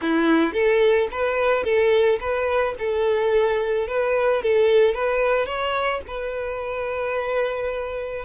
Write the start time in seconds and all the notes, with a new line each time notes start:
0.01 E4
0.53 A4
1.11 B4
1.63 A4
2.19 B4
2.78 A4
3.87 B4
4.42 A4
4.94 B4
5.45 C#5
6.07 B4